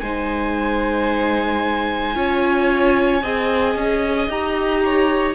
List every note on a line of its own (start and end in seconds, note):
0.00 2.15 G#3
0.00 2.15 D#4
0.00 2.15 C5
0.00 4.29 G#5
2.15 3.22 C#4
2.15 3.22 F4
2.15 3.22 C#5
3.22 3.75 C4
3.22 4.29 G#4
3.22 4.83 D#5
3.75 4.28 C#4
4.28 5.35 D#4
4.28 5.35 G4
4.28 5.35 A#5
4.84 5.35 C#5